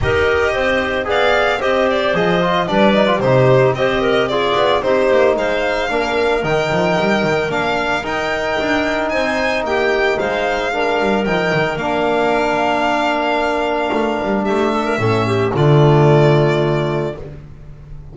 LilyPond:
<<
  \new Staff \with { instrumentName = "violin" } { \time 4/4 \tempo 4 = 112 dis''2 f''4 dis''8 d''8 | dis''4 d''4 c''4 dis''4 | d''4 c''4 f''2 | g''2 f''4 g''4~ |
g''4 gis''4 g''4 f''4~ | f''4 g''4 f''2~ | f''2. e''4~ | e''4 d''2. | }
  \new Staff \with { instrumentName = "clarinet" } { \time 4/4 ais'4 c''4 d''4 c''4~ | c''4 b'4 g'4 c''8 ais'8 | gis'4 g'4 c''4 ais'4~ | ais'1~ |
ais'4 c''4 g'4 c''4 | ais'1~ | ais'2. g'8 a'16 ais'16 | a'8 g'8 f'2. | }
  \new Staff \with { instrumentName = "trombone" } { \time 4/4 g'2 gis'4 g'4 | gis'8 f'8 d'8 dis'16 f'16 dis'4 g'4 | f'4 dis'2 d'4 | dis'2 d'4 dis'4~ |
dis'1 | d'4 dis'4 d'2~ | d'1 | cis'4 a2. | }
  \new Staff \with { instrumentName = "double bass" } { \time 4/4 dis'4 c'4 b4 c'4 | f4 g4 c4 c'4~ | c'8 b8 c'8 ais8 gis4 ais4 | dis8 f8 g8 dis8 ais4 dis'4 |
d'4 c'4 ais4 gis4~ | gis8 g8 f8 dis8 ais2~ | ais2 a8 g8 a4 | a,4 d2. | }
>>